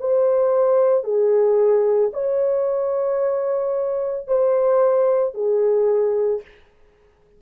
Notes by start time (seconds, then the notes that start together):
0.00 C5
1.04 G#4
2.13 C#5
4.27 C5
5.34 G#4